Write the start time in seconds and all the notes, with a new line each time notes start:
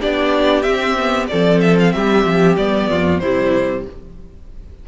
0.00 B3 D4 G4 D5
0.62 C4 E5
0.98 B3
1.27 F3 C4 A4 D5
1.61 E5
1.79 F5
1.92 G3 G4 E5
2.25 F3
2.57 G3 B3 D5
2.89 F2 F4
3.19 C3 G3 E4 C5